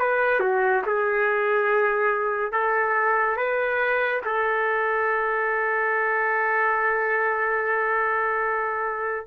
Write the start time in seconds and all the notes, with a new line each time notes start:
0.00 B4
0.40 F#4
0.87 G#4
2.53 A4
3.38 B4
4.25 A4